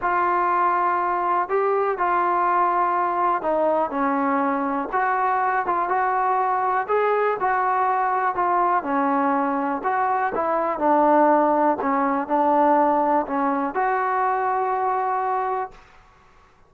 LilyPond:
\new Staff \with { instrumentName = "trombone" } { \time 4/4 \tempo 4 = 122 f'2. g'4 | f'2. dis'4 | cis'2 fis'4. f'8 | fis'2 gis'4 fis'4~ |
fis'4 f'4 cis'2 | fis'4 e'4 d'2 | cis'4 d'2 cis'4 | fis'1 | }